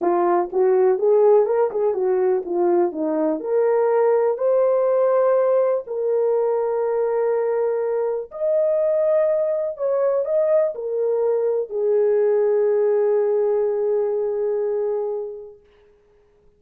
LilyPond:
\new Staff \with { instrumentName = "horn" } { \time 4/4 \tempo 4 = 123 f'4 fis'4 gis'4 ais'8 gis'8 | fis'4 f'4 dis'4 ais'4~ | ais'4 c''2. | ais'1~ |
ais'4 dis''2. | cis''4 dis''4 ais'2 | gis'1~ | gis'1 | }